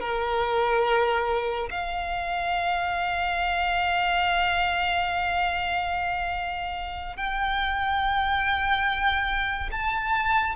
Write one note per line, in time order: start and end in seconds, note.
0.00 1.69 A#4
1.71 7.16 F5
7.16 9.70 G5
9.71 10.56 A5